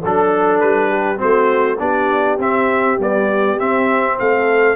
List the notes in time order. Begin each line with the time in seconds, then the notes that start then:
0.00 F#3 D4 A4
0.60 G3 B4
0.89 G4
1.17 A3 C4 F#4 C5
1.79 B3 D4 G4 D5
2.38 C4 E5
2.98 G3 B3 D5
3.58 C4 E5
4.19 A3 A4 F5